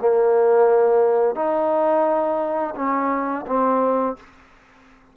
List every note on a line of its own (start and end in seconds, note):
0.00 1.35 A#3
1.35 2.75 D#4
2.76 3.46 C#4
3.47 4.17 C4